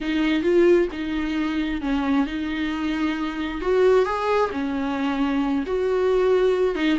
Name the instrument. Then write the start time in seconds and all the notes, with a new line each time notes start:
viola
0.00 D#4
0.42 F4
0.91 D#4
1.81 C#4
2.26 D#4
3.61 F#4
4.05 G#4
4.51 C#4
5.66 F#4
6.75 D#4